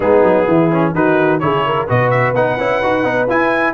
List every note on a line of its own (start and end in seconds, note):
0.00 0.22 G#3
0.00 0.70 B3
0.00 0.46 D#4
0.00 0.94 G#4
0.22 0.46 F#3
0.46 0.94 E3
0.46 0.93 E4
0.71 0.95 C#4
0.94 1.41 D#3
0.94 1.40 D#4
0.94 1.41 F#4
0.94 1.39 B4
1.39 1.88 C#3
1.39 1.87 E4
1.39 1.66 G#4
1.39 1.86 C#5
1.66 1.86 A#4
1.86 2.34 B2
1.86 2.35 F#4
1.86 3.73 B4
1.86 2.10 D#5
2.10 2.33 E5
2.34 2.57 B3
2.34 2.58 D#4
2.34 3.29 F#5
2.58 2.81 C#4
2.58 2.83 E4
2.82 3.04 D#4
2.82 3.04 F#4
3.04 3.27 B3
3.04 3.27 D#4
3.28 3.73 E4
3.28 3.73 G#5